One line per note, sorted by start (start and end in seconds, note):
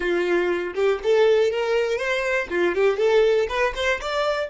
0.00 0.73 F4
0.75 1.00 G4
1.03 1.50 A4
1.50 1.97 A#4
1.97 2.48 C5
2.50 2.74 F4
2.74 2.97 G4
2.97 3.47 A4
3.48 3.73 B4
3.75 4.00 C5
4.00 4.49 D5